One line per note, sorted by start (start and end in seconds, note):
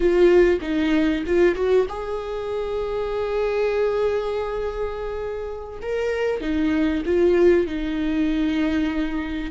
0.00 0.59 F4
0.61 1.23 D#4
1.26 1.55 F4
1.55 1.86 F#4
1.88 5.79 G#4
5.82 6.40 A#4
6.40 7.03 D#4
7.05 7.66 F4
7.66 9.51 D#4